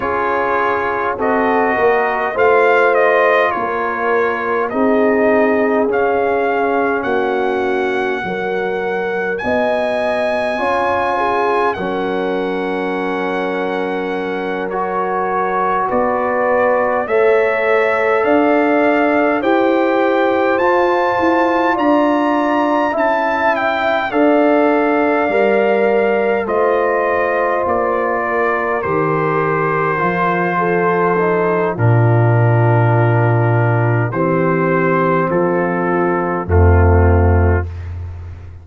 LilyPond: <<
  \new Staff \with { instrumentName = "trumpet" } { \time 4/4 \tempo 4 = 51 cis''4 dis''4 f''8 dis''8 cis''4 | dis''4 f''4 fis''2 | gis''2 fis''2~ | fis''8 cis''4 d''4 e''4 f''8~ |
f''8 g''4 a''4 ais''4 a''8 | g''8 f''2 dis''4 d''8~ | d''8 c''2~ c''8 ais'4~ | ais'4 c''4 a'4 f'4 | }
  \new Staff \with { instrumentName = "horn" } { \time 4/4 gis'4 a'8 ais'8 c''4 ais'4 | gis'2 fis'4 ais'4 | dis''4 cis''8 gis'8 ais'2~ | ais'4. b'4 cis''4 d''8~ |
d''8 c''2 d''4 e''8~ | e''8 d''2 c''4. | ais'2 a'4 f'4~ | f'4 g'4 f'4 c'4 | }
  \new Staff \with { instrumentName = "trombone" } { \time 4/4 f'4 fis'4 f'2 | dis'4 cis'2 fis'4~ | fis'4 f'4 cis'2~ | cis'8 fis'2 a'4.~ |
a'8 g'4 f'2 e'8~ | e'8 a'4 ais'4 f'4.~ | f'8 g'4 f'4 dis'8 d'4~ | d'4 c'2 a4 | }
  \new Staff \with { instrumentName = "tuba" } { \time 4/4 cis'4 c'8 ais8 a4 ais4 | c'4 cis'4 ais4 fis4 | b4 cis'4 fis2~ | fis4. b4 a4 d'8~ |
d'8 e'4 f'8 e'8 d'4 cis'8~ | cis'8 d'4 g4 a4 ais8~ | ais8 dis4 f4. ais,4~ | ais,4 e4 f4 f,4 | }
>>